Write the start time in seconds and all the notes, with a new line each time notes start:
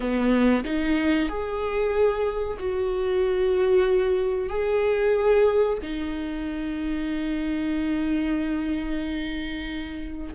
0.00 B3
0.64 D#4
1.28 G#4
2.59 F#4
4.49 G#4
5.82 D#4